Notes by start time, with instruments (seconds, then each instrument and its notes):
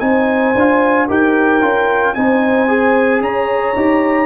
0.00 tuba C4, trombone D#4, horn C5, trumpet G#5
0.55 tuba D4, trombone F4
1.08 tuba D#4, trombone G4, horn A#4, trumpet G5
1.62 tuba C#4, trombone F4
2.15 tuba C4, trombone D#4, horn C5, trumpet G#5
2.69 trombone G#4
3.21 tuba C#4, horn C#5, trumpet A#5
3.76 tuba D#4, trombone G4